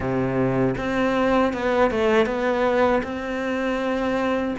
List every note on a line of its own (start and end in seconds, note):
0.00 0.75 C3
0.77 1.53 C4
1.53 1.91 B3
1.91 2.25 A3
2.25 3.01 B3
3.03 4.55 C4